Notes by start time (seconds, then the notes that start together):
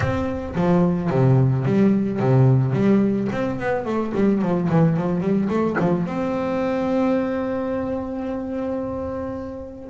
0.00 C4
0.55 F3
1.10 C3
1.65 G3
2.19 C3
2.72 G3
3.32 C4
3.59 B3
3.85 A3
4.14 G3
4.41 F3
4.69 E3
4.96 F3
5.20 G3
5.49 A3
5.79 F3
6.06 C4